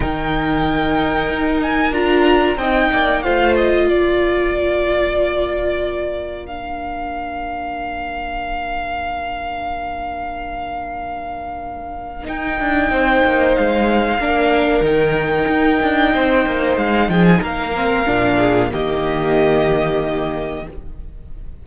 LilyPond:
<<
  \new Staff \with { instrumentName = "violin" } { \time 4/4 \tempo 4 = 93 g''2~ g''8 gis''8 ais''4 | g''4 f''8 dis''8 d''2~ | d''2 f''2~ | f''1~ |
f''2. g''4~ | g''4 f''2 g''4~ | g''2 f''8 g''16 gis''16 f''4~ | f''4 dis''2. | }
  \new Staff \with { instrumentName = "violin" } { \time 4/4 ais'1 | dis''8 d''8 c''4 ais'2~ | ais'1~ | ais'1~ |
ais'1 | c''2 ais'2~ | ais'4 c''4. gis'8 ais'4~ | ais'8 gis'8 g'2. | }
  \new Staff \with { instrumentName = "viola" } { \time 4/4 dis'2. f'4 | dis'4 f'2.~ | f'2 d'2~ | d'1~ |
d'2. dis'4~ | dis'2 d'4 dis'4~ | dis'2.~ dis'8 c'8 | d'4 ais2. | }
  \new Staff \with { instrumentName = "cello" } { \time 4/4 dis2 dis'4 d'4 | c'8 ais8 a4 ais2~ | ais1~ | ais1~ |
ais2. dis'8 d'8 | c'8 ais8 gis4 ais4 dis4 | dis'8 d'8 c'8 ais8 gis8 f8 ais4 | ais,4 dis2. | }
>>